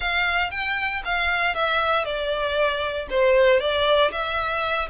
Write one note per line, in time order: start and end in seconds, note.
0.00 0.50 F5
0.51 1.02 G5
1.05 1.55 F5
1.55 2.05 E5
2.05 3.07 D5
3.10 3.59 C5
3.59 4.11 D5
4.11 4.88 E5